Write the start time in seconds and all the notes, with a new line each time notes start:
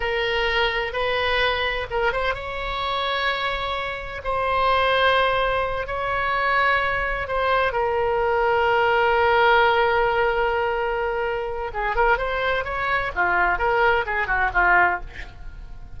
0.00 A#4
0.93 B4
1.90 A#4
2.12 C5
2.34 C#5
4.23 C5
5.86 C#5
7.27 C5
7.72 A#4
11.73 G#4
11.95 A#4
12.17 C5
12.64 C#5
13.15 F4
13.58 A#4
14.05 G#4
14.27 F#4
14.53 F4